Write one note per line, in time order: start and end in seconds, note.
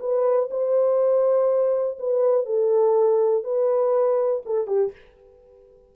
0.00 0.49 B4
0.51 1.99 C5
1.99 2.46 B4
2.46 3.44 A4
3.44 4.43 B4
4.46 4.67 A4
4.67 4.92 G4